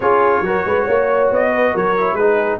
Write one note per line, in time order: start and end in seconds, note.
0.00 0.40 C#4
0.00 0.44 F4
0.00 0.44 G#4
0.00 1.29 C#5
0.40 0.62 F#3
0.40 1.97 F#4
0.40 0.66 A#4
0.65 0.87 G#3
0.65 0.84 B4
0.84 1.30 A#3
0.84 1.49 C#5
1.30 1.74 B3
1.30 1.76 D#5
1.52 1.72 B4
1.72 2.13 F#3
1.72 2.16 A#4
1.72 2.15 C#5
1.97 2.19 E4
2.13 2.56 G#3
2.13 2.59 D#4
2.13 2.58 B4
2.19 2.59 G#4